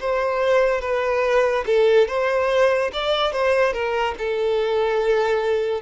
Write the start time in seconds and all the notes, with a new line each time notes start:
0.00 C5
0.81 B4
1.66 A4
2.08 C5
2.93 D5
3.32 C5
3.73 A#4
4.18 A4